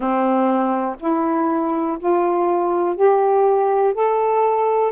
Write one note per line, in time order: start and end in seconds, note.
0.00 0.96 C4
0.99 1.98 E4
1.99 2.96 F4
2.96 3.93 G4
3.93 4.92 A4